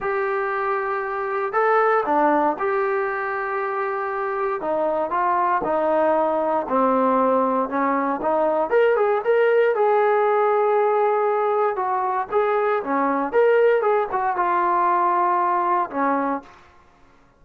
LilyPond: \new Staff \with { instrumentName = "trombone" } { \time 4/4 \tempo 4 = 117 g'2. a'4 | d'4 g'2.~ | g'4 dis'4 f'4 dis'4~ | dis'4 c'2 cis'4 |
dis'4 ais'8 gis'8 ais'4 gis'4~ | gis'2. fis'4 | gis'4 cis'4 ais'4 gis'8 fis'8 | f'2. cis'4 | }